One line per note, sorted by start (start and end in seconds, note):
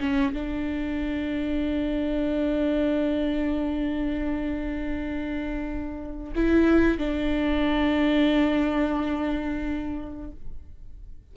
0.00 0.33 C#4
0.33 6.33 D4
6.35 6.98 E4
6.98 10.32 D4